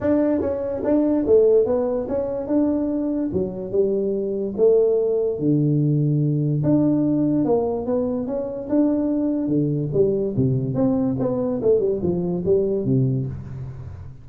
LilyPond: \new Staff \with { instrumentName = "tuba" } { \time 4/4 \tempo 4 = 145 d'4 cis'4 d'4 a4 | b4 cis'4 d'2 | fis4 g2 a4~ | a4 d2. |
d'2 ais4 b4 | cis'4 d'2 d4 | g4 c4 c'4 b4 | a8 g8 f4 g4 c4 | }